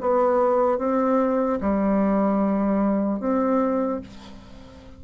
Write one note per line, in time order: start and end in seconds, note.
0.00 0.78 B3
0.78 1.59 C4
1.60 3.19 G3
3.19 4.00 C4